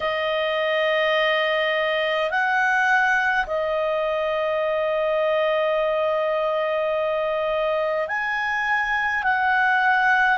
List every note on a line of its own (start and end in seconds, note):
0.00 2.30 D#5
2.30 3.45 F#5
3.46 8.08 D#5
8.08 9.23 G#5
9.23 10.38 F#5